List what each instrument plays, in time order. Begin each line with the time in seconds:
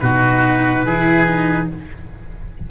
0.00 tuba B2, cello D#4, oboe F#4, trumpet B4
0.85 tuba E3, cello E4, oboe G#4
1.26 cello D#4